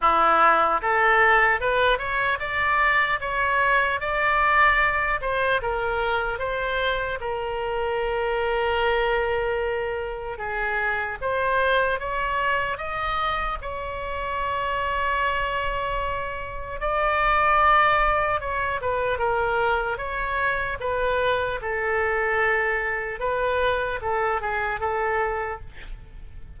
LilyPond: \new Staff \with { instrumentName = "oboe" } { \time 4/4 \tempo 4 = 75 e'4 a'4 b'8 cis''8 d''4 | cis''4 d''4. c''8 ais'4 | c''4 ais'2.~ | ais'4 gis'4 c''4 cis''4 |
dis''4 cis''2.~ | cis''4 d''2 cis''8 b'8 | ais'4 cis''4 b'4 a'4~ | a'4 b'4 a'8 gis'8 a'4 | }